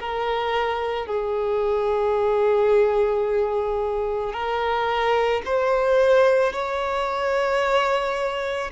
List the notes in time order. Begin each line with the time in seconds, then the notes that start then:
0.00 A#4
1.06 G#4
4.33 A#4
5.45 C5
6.53 C#5